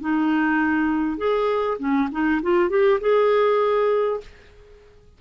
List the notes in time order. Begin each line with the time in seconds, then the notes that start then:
0.00 D#4
1.17 G#4
1.78 C#4
2.11 D#4
2.42 F4
2.69 G4
3.00 G#4